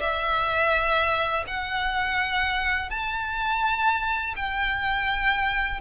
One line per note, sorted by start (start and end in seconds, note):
0.00 1.45 E5
1.47 2.90 F#5
2.90 4.35 A5
4.36 5.81 G5